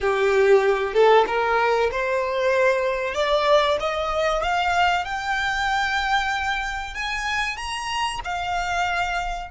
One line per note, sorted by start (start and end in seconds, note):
0.00 0.93 G4
0.93 1.25 A4
1.27 1.90 A#4
1.91 3.14 C5
3.14 3.77 D5
3.80 4.42 D#5
4.42 5.04 F5
5.04 6.94 G5
6.94 7.56 G#5
7.56 8.19 A#5
8.24 9.50 F5